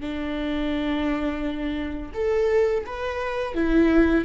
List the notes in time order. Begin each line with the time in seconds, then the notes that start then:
0.00 D4
2.14 A4
2.86 B4
3.54 E4